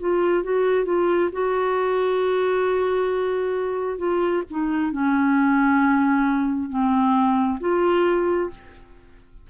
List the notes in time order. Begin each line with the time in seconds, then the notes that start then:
0.00 F4
0.44 F#4
0.85 F4
1.33 F#4
3.99 F4
4.51 D#4
4.93 C#4
6.70 C4
7.60 F4